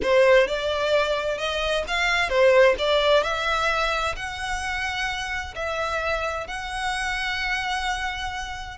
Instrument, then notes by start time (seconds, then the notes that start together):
violin
0.02 C5
0.47 D5
1.38 D#5
1.87 F5
2.29 C5
2.78 D5
3.23 E5
4.16 F#5
5.55 E5
6.47 F#5